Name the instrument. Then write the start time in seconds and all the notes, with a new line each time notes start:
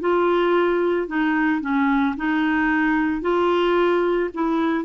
clarinet
0.00 F4
1.07 D#4
1.61 C#4
2.16 D#4
3.21 F4
4.33 E4